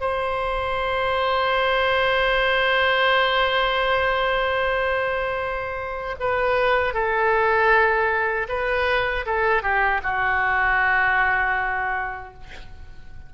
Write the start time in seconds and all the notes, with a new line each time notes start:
0.00 C5
6.19 B4
6.93 A4
8.48 B4
9.26 A4
9.62 G4
10.02 F#4